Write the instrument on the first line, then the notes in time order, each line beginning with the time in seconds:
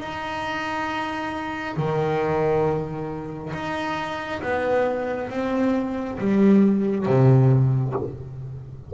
double bass
0.00 D#4
1.76 D#3
3.54 D#4
4.42 B3
5.30 C4
6.19 G3
7.06 C3